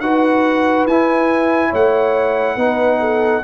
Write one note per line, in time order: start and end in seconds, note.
0.00 0.86 D#4
0.00 0.88 F#4
0.00 1.70 B4
0.00 0.86 F#5
0.86 1.71 E4
0.86 2.58 E4
0.86 1.73 G#5
1.70 2.56 A3
1.70 2.55 C#5
1.70 3.44 F#5
2.56 3.42 B3
2.56 3.44 D#4
2.56 2.99 B4
3.00 3.43 A4